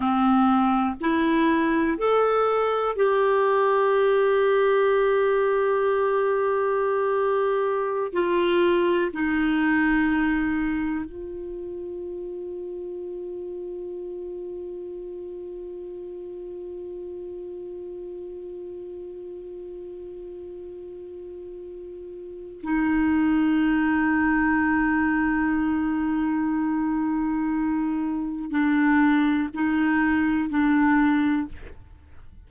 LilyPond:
\new Staff \with { instrumentName = "clarinet" } { \time 4/4 \tempo 4 = 61 c'4 e'4 a'4 g'4~ | g'1~ | g'16 f'4 dis'2 f'8.~ | f'1~ |
f'1~ | f'2. dis'4~ | dis'1~ | dis'4 d'4 dis'4 d'4 | }